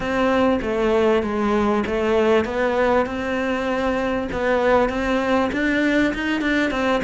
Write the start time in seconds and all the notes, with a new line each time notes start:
0.00 C4
0.61 A3
1.22 G#3
1.86 A3
2.44 B3
3.06 C4
4.32 B3
4.89 C4
5.52 D4
6.14 D#4
6.41 D4
6.70 C4